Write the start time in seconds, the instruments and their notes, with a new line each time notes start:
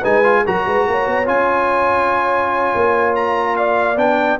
0.00 tuba G#3, trombone D#4, horn B4, trumpet G#5
0.24 trombone F4
0.45 tuba F#3, trombone F#4, horn A#4, trumpet A#5
0.66 tuba G#3, horn B4
0.87 tuba A#3, horn C#5
1.07 tuba B3
1.25 tuba C#4, trombone F4, trumpet G#5
2.75 tuba A#3
3.15 trumpet A#5
3.56 horn D5, trumpet F5
3.97 tuba B3, trombone D4, trumpet G5